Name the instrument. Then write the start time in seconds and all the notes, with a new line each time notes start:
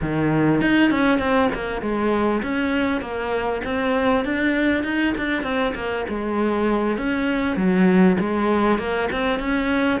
cello
0.01 D#3
0.61 D#4
0.90 C#4
1.18 C4
1.54 A#3
1.81 G#3
2.42 C#4
3.01 A#3
3.64 C4
4.24 D4
4.83 D#4
5.17 D4
5.42 C4
5.74 A#3
6.08 G#3
6.97 C#4
7.56 F#3
8.20 G#3
8.78 A#3
9.12 C4
9.39 C#4